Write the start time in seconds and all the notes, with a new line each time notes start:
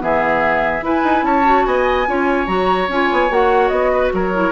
0.00 E3 B3 G#4 E5
0.82 E4 B4 G#5
1.04 D#4
1.23 C#4 C#5 A5
1.44 F#4
1.66 B3 D#5 G#5
2.07 C#4 F4 C#5
2.47 F#3 F#4 A#5
2.89 C#4 F4 G#5
3.12 B3
3.30 A#3 F#4 F#5
3.69 B3 D#5
3.92 B4
4.13 F#3 A#4 C#5
4.33 E4